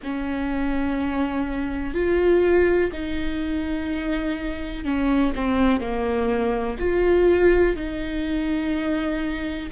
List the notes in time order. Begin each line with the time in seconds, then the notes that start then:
0.03 C#4
1.94 F4
2.92 D#4
4.84 C#4
5.35 C4
5.80 A#3
6.79 F4
7.76 D#4